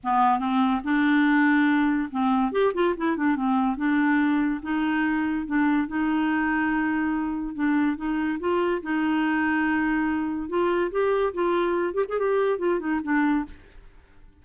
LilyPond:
\new Staff \with { instrumentName = "clarinet" } { \time 4/4 \tempo 4 = 143 b4 c'4 d'2~ | d'4 c'4 g'8 f'8 e'8 d'8 | c'4 d'2 dis'4~ | dis'4 d'4 dis'2~ |
dis'2 d'4 dis'4 | f'4 dis'2.~ | dis'4 f'4 g'4 f'4~ | f'8 g'16 gis'16 g'4 f'8 dis'8 d'4 | }